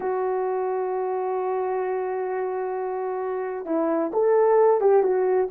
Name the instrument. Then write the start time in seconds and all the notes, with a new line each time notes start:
horn
0.00 F#4
3.65 E4
4.13 A4
4.80 G4
5.02 F#4